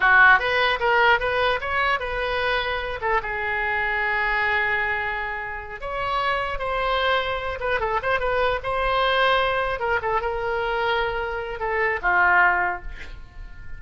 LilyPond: \new Staff \with { instrumentName = "oboe" } { \time 4/4 \tempo 4 = 150 fis'4 b'4 ais'4 b'4 | cis''4 b'2~ b'8 a'8 | gis'1~ | gis'2~ gis'8 cis''4.~ |
cis''8 c''2~ c''8 b'8 a'8 | c''8 b'4 c''2~ c''8~ | c''8 ais'8 a'8 ais'2~ ais'8~ | ais'4 a'4 f'2 | }